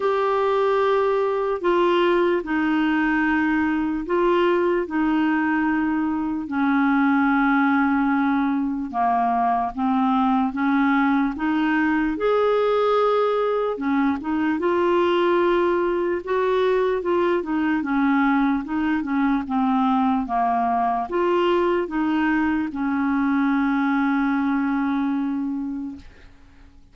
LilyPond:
\new Staff \with { instrumentName = "clarinet" } { \time 4/4 \tempo 4 = 74 g'2 f'4 dis'4~ | dis'4 f'4 dis'2 | cis'2. ais4 | c'4 cis'4 dis'4 gis'4~ |
gis'4 cis'8 dis'8 f'2 | fis'4 f'8 dis'8 cis'4 dis'8 cis'8 | c'4 ais4 f'4 dis'4 | cis'1 | }